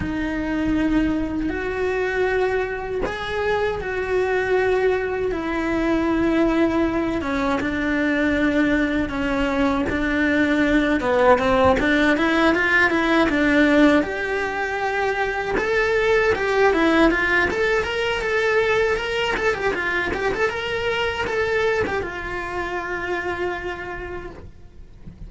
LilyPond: \new Staff \with { instrumentName = "cello" } { \time 4/4 \tempo 4 = 79 dis'2 fis'2 | gis'4 fis'2 e'4~ | e'4. cis'8 d'2 | cis'4 d'4. b8 c'8 d'8 |
e'8 f'8 e'8 d'4 g'4.~ | g'8 a'4 g'8 e'8 f'8 a'8 ais'8 | a'4 ais'8 a'16 g'16 f'8 g'16 a'16 ais'4 | a'8. g'16 f'2. | }